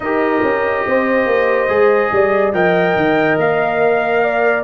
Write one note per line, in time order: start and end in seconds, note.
0.00 0.41 D#4
0.00 1.68 G4
0.00 0.86 A#4
0.00 2.53 D#5
0.42 0.85 C#4
0.86 1.26 C4
0.86 2.13 C5
1.26 1.68 A#3
1.68 2.11 G#3
1.68 2.52 G#4
2.11 2.53 G3
2.11 2.55 D5
2.53 2.95 F3
2.53 4.63 A#4
2.53 4.24 D#5
2.53 3.38 G5
2.96 3.37 D#3
3.37 4.63 A#3
3.37 4.63 F5
4.24 4.63 D5